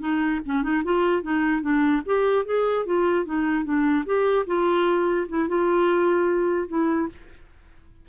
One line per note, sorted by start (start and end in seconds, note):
0.00 0.40 D#4
0.45 0.63 C#4
0.63 0.83 D#4
0.84 1.22 F4
1.22 1.62 D#4
1.62 2.02 D4
2.06 2.45 G4
2.45 2.85 G#4
2.85 3.25 F4
3.25 3.64 D#4
3.64 4.05 D4
4.05 4.46 G4
4.46 5.27 F4
5.28 5.48 E4
5.48 6.68 F4
6.68 7.08 E4